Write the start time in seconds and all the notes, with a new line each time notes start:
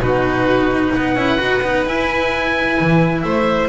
0.00 B2 D#4 F#4 B4
0.91 B3 B4 F#5
1.15 C#4 E4
1.38 D#4 F#4
1.62 B3 D#4
1.86 E4 G#5
2.80 E3
3.22 A3 C5 E5